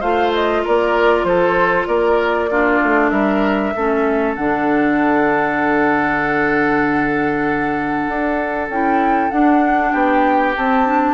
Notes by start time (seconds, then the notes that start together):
0.00 A3 F4 C5 F5
0.33 D#5
0.63 A#3 A#4 D5
1.24 F3 A4 C5
1.86 A#3 A#4 D5
2.50 D4 F4
2.83 A3
3.10 G3 A#4 E5
3.75 A3 C#4 A4
4.35 D3 D4 F#5
8.08 D4
8.69 C#4 E4 G5
9.30 D4 F#5
9.91 B3 G4 G5
10.56 C4 A5
10.85 D4